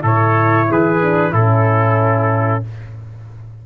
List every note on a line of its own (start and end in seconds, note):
0.00 0.68 A2
0.00 0.98 E4
0.00 0.67 A4
0.00 0.71 C#5
0.69 1.32 E3
0.69 1.32 G#4
0.69 1.33 B4
1.02 1.34 D4
1.32 2.63 A2
1.32 2.66 C#4
1.32 2.62 E4
1.32 2.64 A4